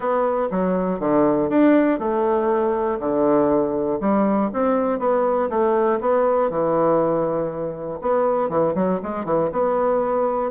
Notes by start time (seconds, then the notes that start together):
0.00 B3
0.50 F#3
0.99 D3
1.49 D4
1.99 A3
2.99 D3
4.00 G3
4.53 C4
4.99 B3
5.49 A3
6.00 B3
6.50 E3
8.01 B3
8.49 E3
8.75 F#3
9.03 G#3
9.25 E3
9.52 B3